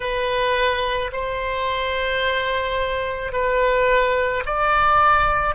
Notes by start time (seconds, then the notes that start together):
0.00 B4
1.12 C5
3.32 B4
4.45 D5